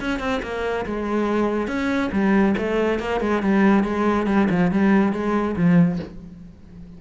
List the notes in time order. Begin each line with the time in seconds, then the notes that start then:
0.00 C#4
0.19 C4
0.42 A#3
0.86 G#3
1.67 C#4
2.12 G3
2.57 A3
2.99 A#3
3.21 G#3
3.42 G3
3.84 G#3
4.27 G3
4.50 F3
4.72 G3
5.13 G#3
5.56 F3